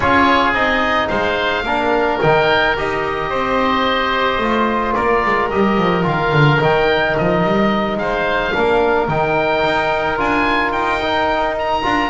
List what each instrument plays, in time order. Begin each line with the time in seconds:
0.00 double bass C#4, trombone F4, oboe G#4 C#5
0.53 double bass C4, trombone D#4, oboe D#5
1.08 double bass G#3, oboe C5 F5
1.63 double bass A#3, trombone D4, oboe A#4
2.21 double bass D#3, trombone D#4, oboe G5
2.76 double bass D#4, trombone G4, oboe D#5
3.29 double bass C4, oboe C5
4.38 double bass A3, trombone F4
4.94 double bass A#3, oboe A#4 D5
5.25 double bass G#3
5.49 double bass G3, trombone G4, oboe D#5
5.77 double bass F3
6.03 double bass D#3, trombone F4, oboe F5
6.32 double bass D3
6.60 double bass D#3, trombone D#4, oboe G5
7.17 double bass F3, oboe D#5
7.43 double bass G3
7.96 double bass G#3, oboe C5 F5
8.52 double bass A#3, trombone D4, oboe A#4
9.08 double bass D#3, trombone D#4, oboe G5
9.63 double bass D#4
10.17 double bass D4, trombone F4, oboe G#5
10.72 double bass D#4, oboe G5
11.02 trombone D#4
11.58 oboe A#5
11.82 double bass D4, trombone F4